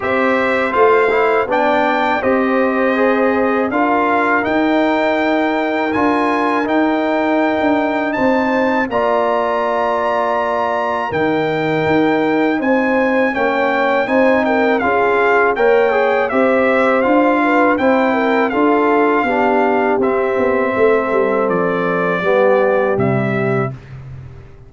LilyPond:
<<
  \new Staff \with { instrumentName = "trumpet" } { \time 4/4 \tempo 4 = 81 e''4 f''4 g''4 dis''4~ | dis''4 f''4 g''2 | gis''4 g''2 a''4 | ais''2. g''4~ |
g''4 gis''4 g''4 gis''8 g''8 | f''4 g''4 e''4 f''4 | g''4 f''2 e''4~ | e''4 d''2 e''4 | }
  \new Staff \with { instrumentName = "horn" } { \time 4/4 c''2 d''4 c''4~ | c''4 ais'2.~ | ais'2. c''4 | d''2. ais'4~ |
ais'4 c''4 cis''4 c''8 ais'8 | gis'4 cis''4 c''4. b'8 | c''8 ais'8 a'4 g'2 | a'2 g'2 | }
  \new Staff \with { instrumentName = "trombone" } { \time 4/4 g'4 f'8 e'8 d'4 g'4 | gis'4 f'4 dis'2 | f'4 dis'2. | f'2. dis'4~ |
dis'2 cis'4 dis'4 | f'4 ais'8 gis'8 g'4 f'4 | e'4 f'4 d'4 c'4~ | c'2 b4 g4 | }
  \new Staff \with { instrumentName = "tuba" } { \time 4/4 c'4 a4 b4 c'4~ | c'4 d'4 dis'2 | d'4 dis'4~ dis'16 d'8. c'4 | ais2. dis4 |
dis'4 c'4 ais4 c'4 | cis'4 ais4 c'4 d'4 | c'4 d'4 b4 c'8 b8 | a8 g8 f4 g4 c4 | }
>>